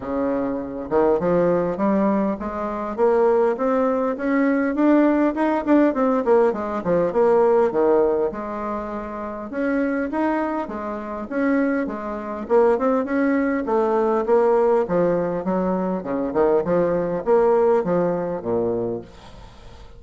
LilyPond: \new Staff \with { instrumentName = "bassoon" } { \time 4/4 \tempo 4 = 101 cis4. dis8 f4 g4 | gis4 ais4 c'4 cis'4 | d'4 dis'8 d'8 c'8 ais8 gis8 f8 | ais4 dis4 gis2 |
cis'4 dis'4 gis4 cis'4 | gis4 ais8 c'8 cis'4 a4 | ais4 f4 fis4 cis8 dis8 | f4 ais4 f4 ais,4 | }